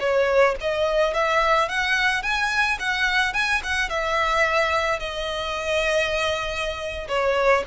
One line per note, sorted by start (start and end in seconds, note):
0.00 0.56 C#5
0.61 1.14 D#5
1.14 1.69 E5
1.69 2.23 F#5
2.23 2.79 G#5
2.79 3.34 F#5
3.34 3.62 G#5
3.64 3.90 F#5
3.90 5.00 E5
5.00 7.08 D#5
7.08 7.64 C#5